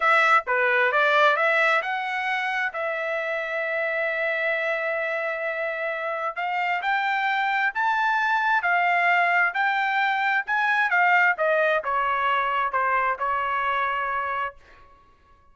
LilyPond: \new Staff \with { instrumentName = "trumpet" } { \time 4/4 \tempo 4 = 132 e''4 b'4 d''4 e''4 | fis''2 e''2~ | e''1~ | e''2 f''4 g''4~ |
g''4 a''2 f''4~ | f''4 g''2 gis''4 | f''4 dis''4 cis''2 | c''4 cis''2. | }